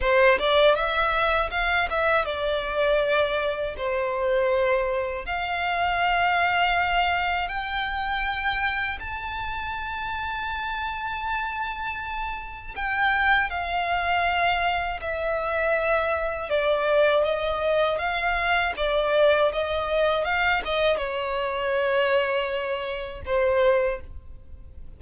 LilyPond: \new Staff \with { instrumentName = "violin" } { \time 4/4 \tempo 4 = 80 c''8 d''8 e''4 f''8 e''8 d''4~ | d''4 c''2 f''4~ | f''2 g''2 | a''1~ |
a''4 g''4 f''2 | e''2 d''4 dis''4 | f''4 d''4 dis''4 f''8 dis''8 | cis''2. c''4 | }